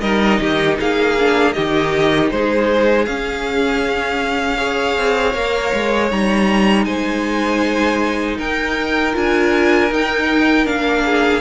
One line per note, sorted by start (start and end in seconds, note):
0.00 0.40 G3
0.00 1.17 D#4
0.00 0.39 A#4
0.00 0.76 D#5
0.40 0.78 D#3
0.40 0.78 G4
0.79 1.56 A#3
0.79 1.54 G#4
0.79 1.53 F5
1.19 1.53 D4
1.53 2.31 D#3
1.53 3.05 D#4
1.53 2.30 G4
1.53 2.29 D#5
2.31 3.07 G#3
2.31 4.57 G#4
2.31 3.05 C5
3.05 4.97 C#4
3.05 4.57 C#4
3.05 6.09 F5
4.57 5.33 G#4
4.57 6.85 C#5
4.97 5.34 C4
5.34 5.72 A#3
5.34 6.10 A#4
5.73 6.11 G#3
6.10 6.86 G3
6.10 9.13 D#4
6.10 6.84 A#5
6.84 8.38 G#3
6.84 8.38 C5
6.84 8.36 G#5
8.38 9.14 D#4
8.38 11.03 A#4
8.38 9.15 G5
9.13 9.90 D4
9.13 9.89 F4
9.13 9.93 G#5
9.90 10.66 D#4
9.90 10.64 D#4
9.90 10.66 G5
10.64 11.41 A#3
10.64 11.40 D4
10.64 11.41 F5
11.05 11.41 G#4